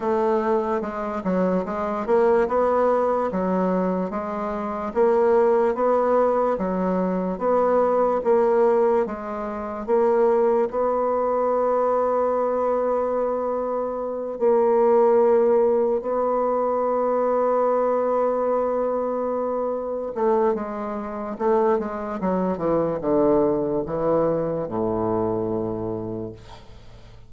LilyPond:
\new Staff \with { instrumentName = "bassoon" } { \time 4/4 \tempo 4 = 73 a4 gis8 fis8 gis8 ais8 b4 | fis4 gis4 ais4 b4 | fis4 b4 ais4 gis4 | ais4 b2.~ |
b4. ais2 b8~ | b1~ | b8 a8 gis4 a8 gis8 fis8 e8 | d4 e4 a,2 | }